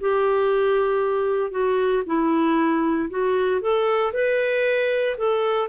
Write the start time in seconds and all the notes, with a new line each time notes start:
0.00 G4
1.51 F#4
2.06 E4
3.10 F#4
3.61 A4
4.13 B4
5.17 A4